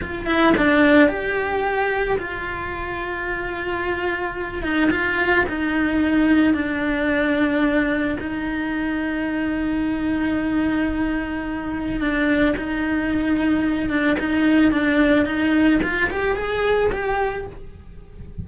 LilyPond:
\new Staff \with { instrumentName = "cello" } { \time 4/4 \tempo 4 = 110 f'8 e'8 d'4 g'2 | f'1~ | f'8 dis'8 f'4 dis'2 | d'2. dis'4~ |
dis'1~ | dis'2 d'4 dis'4~ | dis'4. d'8 dis'4 d'4 | dis'4 f'8 g'8 gis'4 g'4 | }